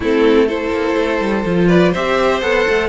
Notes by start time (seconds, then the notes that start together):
0.00 A3 C4 E4 A4
0.47 E4 A4 C5
0.71 A#3
0.97 A3
1.20 G3
1.45 F3 F4
1.67 B4 D5
1.92 C4 G4 C5 E5
2.40 B3 A4 F#5
2.68 A3